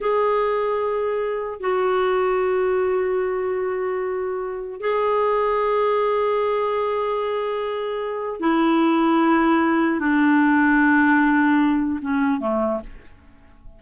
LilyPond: \new Staff \with { instrumentName = "clarinet" } { \time 4/4 \tempo 4 = 150 gis'1 | fis'1~ | fis'1 | gis'1~ |
gis'1~ | gis'4 e'2.~ | e'4 d'2.~ | d'2 cis'4 a4 | }